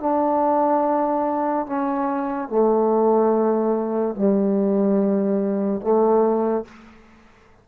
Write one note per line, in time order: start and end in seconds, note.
0.00 1.67 D4
1.67 2.49 C#4
2.49 4.16 A3
4.16 5.82 G3
5.82 6.65 A3